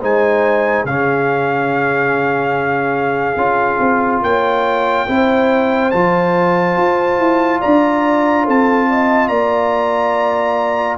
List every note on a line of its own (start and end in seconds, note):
0.00 0.84 G#3
0.00 0.86 D#4
0.00 0.84 C5
0.00 0.85 G#5
0.84 3.36 C#3
0.84 3.37 C#4
0.84 4.22 G#4
0.84 4.23 F5
3.36 3.78 C#4
3.36 5.06 F4
3.79 4.21 C4
4.22 5.06 A#3
4.22 5.07 C#5
4.22 5.90 G5
5.07 5.92 C4
5.07 5.92 E4
5.07 7.60 C5
5.90 6.76 F3
5.90 10.97 F4
5.90 7.59 A5
6.76 7.18 F4
7.18 7.60 E4
7.60 8.48 D4
7.60 8.44 D5
7.60 8.45 A#5
8.44 9.29 C4
8.44 8.87 A4
8.44 9.27 A5
8.89 9.29 D#5
9.27 10.97 A#3
9.27 10.97 D5
9.27 10.96 A#5